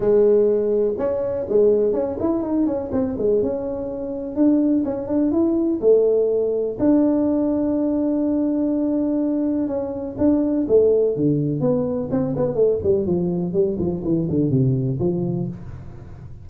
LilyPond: \new Staff \with { instrumentName = "tuba" } { \time 4/4 \tempo 4 = 124 gis2 cis'4 gis4 | cis'8 e'8 dis'8 cis'8 c'8 gis8 cis'4~ | cis'4 d'4 cis'8 d'8 e'4 | a2 d'2~ |
d'1 | cis'4 d'4 a4 d4 | b4 c'8 b8 a8 g8 f4 | g8 f8 e8 d8 c4 f4 | }